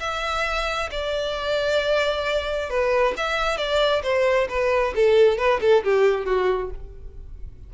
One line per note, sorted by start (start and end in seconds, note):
0.00 0.90 E5
0.91 2.70 D5
2.70 3.14 B4
3.17 3.58 E5
3.58 4.02 D5
4.03 4.48 C5
4.49 4.94 B4
4.96 5.38 A4
5.38 5.60 B4
5.61 5.84 A4
5.84 6.25 G4
6.25 6.70 F#4